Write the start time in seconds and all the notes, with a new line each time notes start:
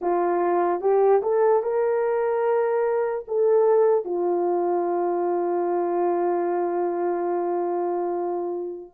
0.01 F4
0.81 G4
1.22 A4
1.63 A#4
3.27 A4
4.05 F4